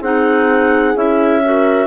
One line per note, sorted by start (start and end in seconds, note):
0.00 0.95 C4
0.00 0.95 D#4
0.00 1.41 G#4
0.00 0.97 F#5
0.95 1.87 C#4
0.95 1.42 E4
0.95 1.87 E5
1.44 1.87 F#4
1.44 1.87 A#4